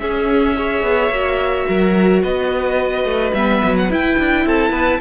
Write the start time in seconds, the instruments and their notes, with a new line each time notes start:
0.00 viola C#4, cello C#4, violin G#4 E5
0.56 viola G#4, violin C#5
0.83 cello B3
1.10 cello A#3, viola F#4
1.68 cello F#3, violin A#4
2.24 cello B3, violin B4 D#5
3.05 cello A3
3.34 cello G3, viola B3, violin E5
3.64 cello F#3
3.77 violin F#5
3.91 cello E4, viola E4, violin G5
4.19 cello D4
4.46 cello C4, violin A4 A5
4.71 cello B3, violin B4